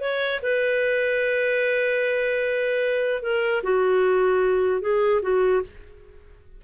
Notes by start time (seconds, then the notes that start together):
0.00 C#5
0.42 B4
3.22 A#4
3.63 F#4
4.81 G#4
5.22 F#4